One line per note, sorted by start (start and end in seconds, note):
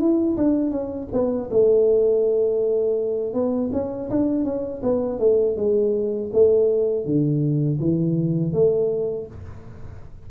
0.00 0.37 E4
0.37 0.71 D4
0.71 1.08 C#4
1.13 1.50 B3
1.51 3.34 A3
3.34 3.71 B3
3.73 4.10 C#4
4.11 4.45 D4
4.45 4.82 C#4
4.83 5.20 B3
5.20 5.57 A3
5.57 6.31 G#3
6.33 7.06 A3
7.06 7.80 D3
7.80 8.53 E3
8.53 9.27 A3